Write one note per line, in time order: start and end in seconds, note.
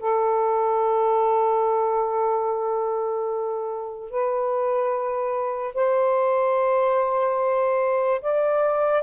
0.00 4.11 A4
4.11 5.75 B4
5.75 8.22 C5
8.22 9.03 D5